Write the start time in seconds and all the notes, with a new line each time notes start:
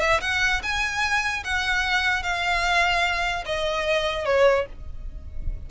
0.00 E5
0.21 F#5
0.63 G#5
1.44 F#5
2.23 F5
3.46 D#5
4.25 C#5